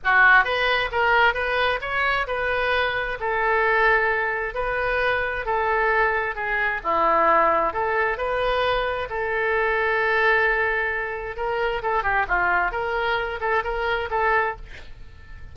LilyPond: \new Staff \with { instrumentName = "oboe" } { \time 4/4 \tempo 4 = 132 fis'4 b'4 ais'4 b'4 | cis''4 b'2 a'4~ | a'2 b'2 | a'2 gis'4 e'4~ |
e'4 a'4 b'2 | a'1~ | a'4 ais'4 a'8 g'8 f'4 | ais'4. a'8 ais'4 a'4 | }